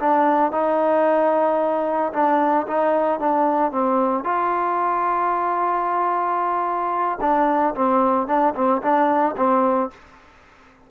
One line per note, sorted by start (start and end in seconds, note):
0.00 0.52 D4
0.52 2.13 D#4
2.13 2.67 D4
2.68 3.20 D#4
3.20 3.72 D4
3.72 4.25 C4
4.25 7.19 F4
7.21 7.75 D4
7.75 8.27 C4
8.27 8.54 D4
8.55 8.82 C4
8.82 9.36 D4
9.37 9.91 C4